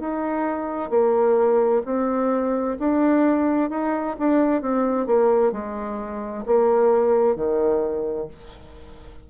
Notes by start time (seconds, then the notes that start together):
0.00 D#4
0.90 A#3
1.85 C4
2.80 D4
3.70 D#4
4.19 D4
4.62 C4
5.07 A#3
5.53 G#3
6.46 A#3
7.36 D#3